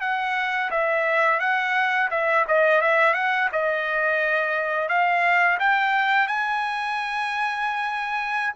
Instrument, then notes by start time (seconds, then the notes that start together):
trumpet
0.00 F#5
0.70 E5
1.39 F#5
2.10 E5
2.48 D#5
2.81 E5
3.14 F#5
3.52 D#5
4.88 F5
5.59 G5
6.27 G#5